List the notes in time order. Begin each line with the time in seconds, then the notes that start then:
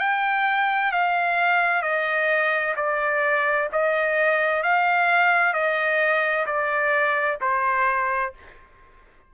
0.00 G5
0.92 F5
1.83 D#5
2.77 D5
3.73 D#5
4.63 F5
5.54 D#5
6.47 D5
7.41 C5